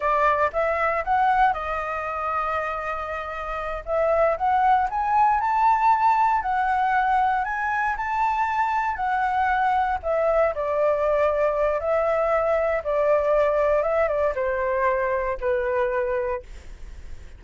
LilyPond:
\new Staff \with { instrumentName = "flute" } { \time 4/4 \tempo 4 = 117 d''4 e''4 fis''4 dis''4~ | dis''2.~ dis''8 e''8~ | e''8 fis''4 gis''4 a''4.~ | a''8 fis''2 gis''4 a''8~ |
a''4. fis''2 e''8~ | e''8 d''2~ d''8 e''4~ | e''4 d''2 e''8 d''8 | c''2 b'2 | }